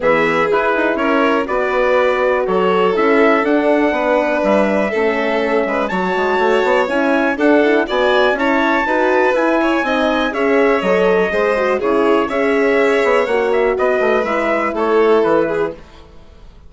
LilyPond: <<
  \new Staff \with { instrumentName = "trumpet" } { \time 4/4 \tempo 4 = 122 e''4 b'4 cis''4 d''4~ | d''4 cis''4 e''4 fis''4~ | fis''4 e''2. | a''2 gis''4 fis''4 |
gis''4 a''2 gis''4~ | gis''4 e''4 dis''2 | cis''4 e''2 fis''8 e''8 | dis''4 e''4 cis''4 b'4 | }
  \new Staff \with { instrumentName = "violin" } { \time 4/4 gis'2 ais'4 b'4~ | b'4 a'2. | b'2 a'4. b'8 | cis''2. a'4 |
d''4 cis''4 b'4. cis''8 | dis''4 cis''2 c''4 | gis'4 cis''2. | b'2 a'4. gis'8 | }
  \new Staff \with { instrumentName = "horn" } { \time 4/4 b4 e'2 fis'4~ | fis'2 e'4 d'4~ | d'2 cis'2 | fis'2 e'4 d'8 e'8 |
fis'4 e'4 fis'4 e'4 | dis'4 gis'4 a'4 gis'8 fis'8 | e'4 gis'2 fis'4~ | fis'4 e'2. | }
  \new Staff \with { instrumentName = "bassoon" } { \time 4/4 e4 e'8 dis'8 cis'4 b4~ | b4 fis4 cis'4 d'4 | b4 g4 a4. gis8 | fis8 gis8 a8 b8 cis'4 d'4 |
b4 cis'4 dis'4 e'4 | c'4 cis'4 fis4 gis4 | cis4 cis'4. b8 ais4 | b8 a8 gis4 a4 e4 | }
>>